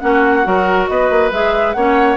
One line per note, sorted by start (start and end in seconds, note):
0.00 0.46 A#3
0.00 0.43 C#4
0.00 0.47 F#4
0.00 0.87 F#5
0.43 0.89 F#3
0.43 1.30 F#4
0.43 0.90 A#4
0.87 1.10 B3
0.87 1.76 B4
0.87 1.31 D#5
1.10 1.32 A#3
1.32 1.75 G#3
1.32 1.76 G#4
1.32 1.73 E5
1.73 2.16 A#3
1.73 2.16 C#4
1.73 2.16 C#5
1.73 2.16 F#5